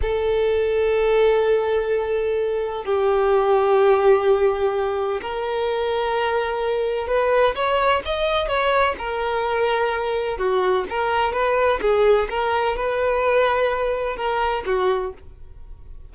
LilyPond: \new Staff \with { instrumentName = "violin" } { \time 4/4 \tempo 4 = 127 a'1~ | a'2 g'2~ | g'2. ais'4~ | ais'2. b'4 |
cis''4 dis''4 cis''4 ais'4~ | ais'2 fis'4 ais'4 | b'4 gis'4 ais'4 b'4~ | b'2 ais'4 fis'4 | }